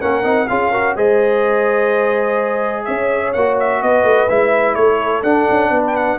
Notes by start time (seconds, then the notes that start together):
0.00 A#3 C#4 A#4 F#5
0.23 C4 D#4
0.48 C#4 F4 G#4 F5
0.71 F#4 A#4
0.96 G#3 G#4 C5 D#5
2.85 C#4 C#5 E5
3.33 A#3 F#4 F#5
3.59 E5
3.81 B3 B4 D#5
4.04 A3
4.29 G#3 E4 E5
4.75 A3 A4 C#5
5.23 D4 F#5
5.50 C#4
5.70 B3 B4
5.87 G5
5.96 F#5